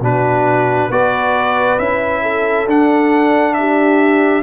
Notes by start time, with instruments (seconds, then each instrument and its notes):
0.00 tuba B2, trombone D4, horn F#4, trumpet B4
0.89 tuba B3, trombone F#4, horn B4, trumpet D5
1.78 tuba C#4, trombone E4, trumpet E5
2.22 horn A4
2.66 tuba D4, trombone D4, trumpet F#5
3.53 horn G4, trumpet E5